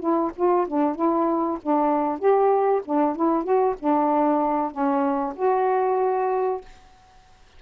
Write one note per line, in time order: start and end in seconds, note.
0.00 0.31 E4
0.36 0.67 F4
0.68 0.96 D4
0.96 1.58 E4
1.62 2.19 D4
2.19 2.82 G4
2.85 3.16 D4
3.16 3.44 E4
3.44 3.75 F#4
3.80 4.72 D4
4.72 5.34 C#4
5.36 6.61 F#4